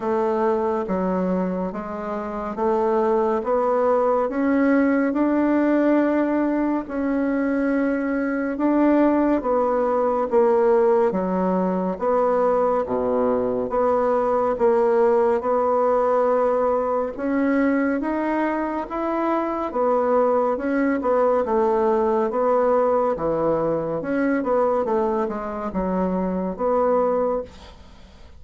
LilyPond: \new Staff \with { instrumentName = "bassoon" } { \time 4/4 \tempo 4 = 70 a4 fis4 gis4 a4 | b4 cis'4 d'2 | cis'2 d'4 b4 | ais4 fis4 b4 b,4 |
b4 ais4 b2 | cis'4 dis'4 e'4 b4 | cis'8 b8 a4 b4 e4 | cis'8 b8 a8 gis8 fis4 b4 | }